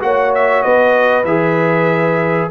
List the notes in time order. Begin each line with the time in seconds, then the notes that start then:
0.00 A#3 F#4 C#5 F#5
0.34 E5
0.62 B3 B4 D#5
1.24 E3 G#4 E5